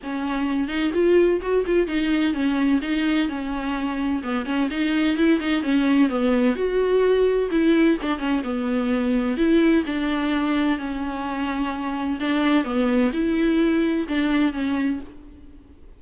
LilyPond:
\new Staff \with { instrumentName = "viola" } { \time 4/4 \tempo 4 = 128 cis'4. dis'8 f'4 fis'8 f'8 | dis'4 cis'4 dis'4 cis'4~ | cis'4 b8 cis'8 dis'4 e'8 dis'8 | cis'4 b4 fis'2 |
e'4 d'8 cis'8 b2 | e'4 d'2 cis'4~ | cis'2 d'4 b4 | e'2 d'4 cis'4 | }